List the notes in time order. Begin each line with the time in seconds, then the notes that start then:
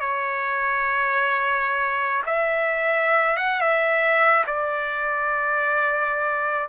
0.00 C#5
2.26 E5
3.36 F#5
3.61 E5
4.46 D5